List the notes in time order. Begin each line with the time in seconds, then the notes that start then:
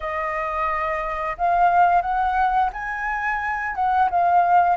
0.00 D#5
1.37 F5
2.01 F#5
2.72 G#5
3.75 F#5
4.10 F5